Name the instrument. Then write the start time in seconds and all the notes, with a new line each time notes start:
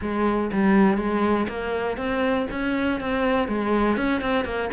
cello
0.01 G#3
0.52 G3
0.97 G#3
1.48 A#3
1.97 C4
2.50 C#4
3.00 C4
3.48 G#3
3.96 C#4
4.21 C4
4.44 A#3